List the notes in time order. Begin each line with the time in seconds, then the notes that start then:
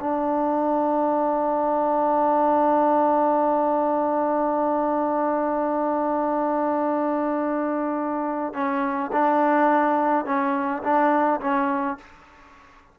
0.00 D4
8.54 C#4
9.12 D4
10.25 C#4
10.83 D4
11.41 C#4